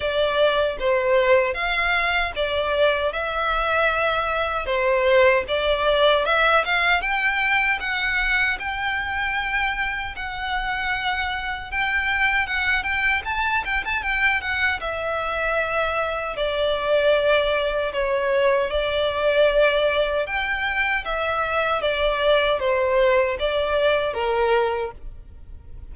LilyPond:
\new Staff \with { instrumentName = "violin" } { \time 4/4 \tempo 4 = 77 d''4 c''4 f''4 d''4 | e''2 c''4 d''4 | e''8 f''8 g''4 fis''4 g''4~ | g''4 fis''2 g''4 |
fis''8 g''8 a''8 g''16 a''16 g''8 fis''8 e''4~ | e''4 d''2 cis''4 | d''2 g''4 e''4 | d''4 c''4 d''4 ais'4 | }